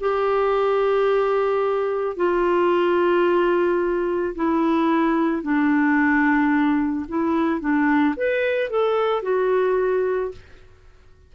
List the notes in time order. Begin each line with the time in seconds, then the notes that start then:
0.00 G4
2.17 F4
4.35 E4
5.42 D4
7.09 E4
7.60 D4
8.16 B4
8.70 A4
9.22 F#4